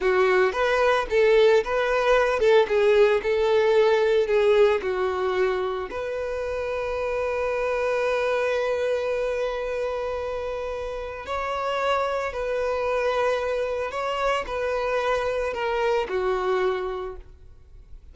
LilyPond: \new Staff \with { instrumentName = "violin" } { \time 4/4 \tempo 4 = 112 fis'4 b'4 a'4 b'4~ | b'8 a'8 gis'4 a'2 | gis'4 fis'2 b'4~ | b'1~ |
b'1~ | b'4 cis''2 b'4~ | b'2 cis''4 b'4~ | b'4 ais'4 fis'2 | }